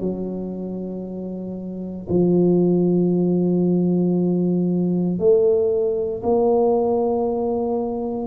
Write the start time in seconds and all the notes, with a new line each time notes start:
0.00 F#3
2.09 F3
5.19 A3
6.23 A#3